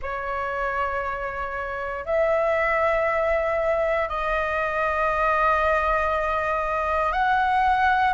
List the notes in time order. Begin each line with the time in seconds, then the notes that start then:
0.02 C#5
2.05 E5
4.09 D#5
7.12 F#5